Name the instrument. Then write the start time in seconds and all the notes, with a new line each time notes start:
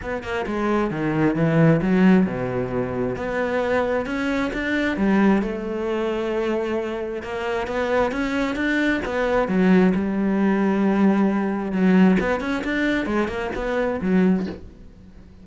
cello
0.02 B3
0.23 A#3
0.46 G#3
0.90 D#3
1.35 E3
1.81 F#3
2.26 B2
3.16 B3
4.06 C#4
4.53 D4
4.96 G3
5.42 A3
7.22 A#3
7.67 B3
8.11 C#4
8.55 D4
9.05 B3
9.48 F#3
9.95 G3
11.72 F#3
12.19 B3
12.40 C#4
12.63 D4
13.06 G#3
13.28 A#3
13.55 B3
14.01 F#3